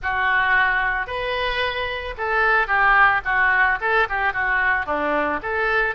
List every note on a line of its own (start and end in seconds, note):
0.02 1.06 F#4
1.06 2.14 B4
2.17 2.67 A4
2.67 3.21 G4
3.24 3.78 F#4
3.80 4.07 A4
4.09 4.33 G4
4.33 4.86 F#4
4.86 5.40 D4
5.42 5.95 A4